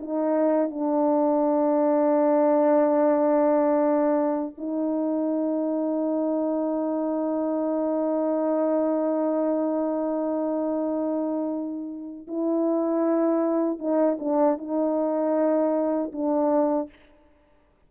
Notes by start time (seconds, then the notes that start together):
0.00 D#4
0.70 D4
4.58 D#4
12.27 E4
13.79 D#4
14.20 D4
14.58 D#4
16.12 D4